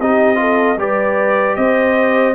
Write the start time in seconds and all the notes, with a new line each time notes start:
0.00 C4 D#4 G4 D#5
0.36 F4 A4
0.77 G3 G4 B4 D5
1.56 C4 C5 D#5